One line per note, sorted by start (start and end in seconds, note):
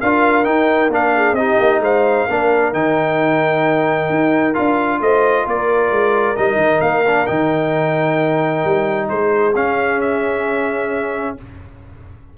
0.00 0.46 D4
0.00 0.45 F4
0.00 1.15 A#4
0.00 0.44 F5
0.44 0.90 D#4
0.44 0.88 D#4
0.44 0.90 G5
0.88 1.32 A#3
0.88 1.37 D4
0.88 1.34 F5
1.15 1.37 G#4
1.32 1.55 C4
1.32 2.29 D#4
1.32 1.82 G4
1.32 1.80 D#5
1.59 1.79 A#3
1.79 2.25 G#3
1.79 2.26 C5
1.79 2.73 F5
2.26 2.73 A#3
2.26 2.73 D4
2.26 4.99 A#4
2.73 4.09 D#3
2.73 4.54 D#4
2.73 4.54 G5
4.09 4.55 D#4
4.54 5.00 D4
4.54 6.35 F4
4.54 5.00 F5
5.00 5.46 A3
5.00 5.44 C5
5.00 5.47 D#5
5.44 5.90 A#3
5.44 9.07 A#4
5.44 6.36 D5
5.90 6.36 G#3
6.36 6.56 G3
6.36 7.05 D#4
6.36 6.80 D#5
6.56 6.78 D#3
6.80 7.27 A#3
6.80 7.26 F5
7.06 7.26 D4
7.26 8.64 D#3
7.26 9.53 D#4
7.26 9.08 G5
8.64 9.09 G3
9.08 9.55 G#3
9.08 11.37 G#4
9.08 9.54 C5
9.55 11.37 C#4
9.55 10.00 F5
10.00 11.37 E5